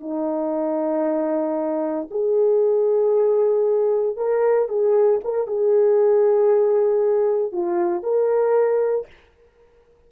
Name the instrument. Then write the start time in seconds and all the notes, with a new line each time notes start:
horn
0.00 D#4
2.10 G#4
4.17 A#4
4.69 G#4
5.24 A#4
5.47 G#4
7.52 F4
8.03 A#4